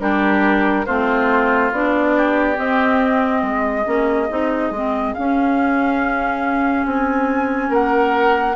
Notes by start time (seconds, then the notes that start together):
0.00 G3 D4 G4 A#4
0.86 A3 C4 F4 C5
1.72 B3 D4 D5
2.17 G4
2.56 C4 D#5
3.42 G#3 G#4
3.84 A#3 C#4
4.30 C4 D#4
4.71 G#3 C4
5.14 C#4 F5
6.86 C4 G#5
7.69 A#3 A#4 F#5